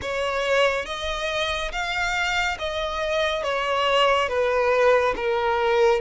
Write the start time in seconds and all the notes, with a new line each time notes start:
0.01 C#5
0.85 D#5
1.71 F5
2.59 D#5
3.43 C#5
4.29 B4
5.16 A#4